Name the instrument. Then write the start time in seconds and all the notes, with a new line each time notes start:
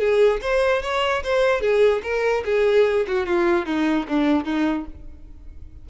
violin
0.00 G#4
0.42 C5
0.83 C#5
1.24 C5
1.61 G#4
2.03 A#4
2.45 G#4
3.08 F#4
3.27 F4
3.66 D#4
4.09 D4
4.45 D#4